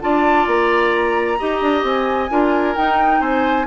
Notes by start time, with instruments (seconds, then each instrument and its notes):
0.00 bassoon D4, clarinet F4, oboe D5, flute A5
0.46 bassoon A#3, flute A#5
1.38 bassoon D#4, clarinet G4, oboe D#5
1.61 bassoon D4
1.83 bassoon C4, flute G#5
2.29 bassoon D4, clarinet F4, oboe A#4
2.75 clarinet D#4, bassoon D#4, flute G5
3.20 bassoon C4, oboe C5, flute G#5